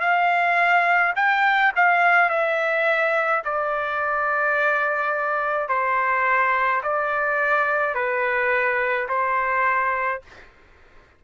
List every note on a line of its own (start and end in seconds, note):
0.00 1.13 F5
1.16 1.72 G5
1.76 2.30 F5
2.30 3.43 E5
3.44 5.69 D5
5.69 6.82 C5
6.83 7.95 D5
7.95 9.08 B4
9.09 10.22 C5